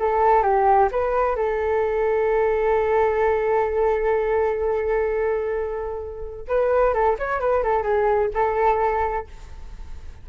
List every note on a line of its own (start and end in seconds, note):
0.00 0.43 A4
0.43 0.90 G4
0.92 1.36 B4
1.36 6.48 A4
6.48 6.94 B4
6.94 7.17 A4
7.19 7.41 C#5
7.41 7.63 B4
7.63 7.83 A4
7.83 8.30 G#4
8.34 9.27 A4